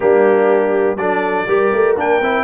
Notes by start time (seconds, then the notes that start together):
0.00 G3 A#3 D4 G4
0.95 F#3 D4 A4 D5
1.47 G3 G4 A#4
1.72 A3
1.96 A#3 D4 G5
2.20 C4 E4